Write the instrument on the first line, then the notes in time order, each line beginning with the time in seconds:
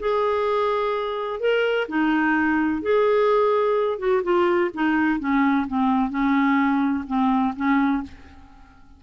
clarinet
0.00 G#4
1.40 A#4
1.89 D#4
2.82 G#4
3.99 F#4
4.24 F4
4.75 D#4
5.20 C#4
5.68 C4
6.10 C#4
7.08 C4
7.57 C#4